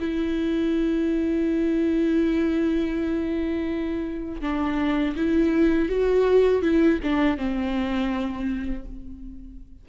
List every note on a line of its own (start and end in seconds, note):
0.00 4.42 E4
4.42 5.16 D4
5.16 5.89 E4
5.89 6.63 F#4
6.63 7.00 E4
7.04 7.38 D4
7.38 8.86 C4